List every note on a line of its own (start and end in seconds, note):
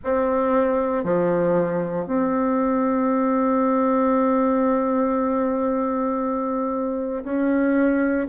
0.04 1.03 C4
1.03 2.06 F3
2.06 7.23 C4
7.24 8.27 C#4